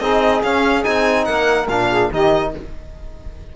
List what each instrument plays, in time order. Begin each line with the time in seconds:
0.00 cello C4, trombone D#4, saxophone G#4, violin D#5
0.43 cello C#4, trombone C#4, violin F5
0.83 cello C4, trombone D#4, violin G#5
1.25 cello A#3, saxophone A#4, violin F#5
1.68 cello A#2, trombone D4, violin F5
1.90 saxophone G#4
2.11 cello D#3, trombone D#4, saxophone G4, violin D#5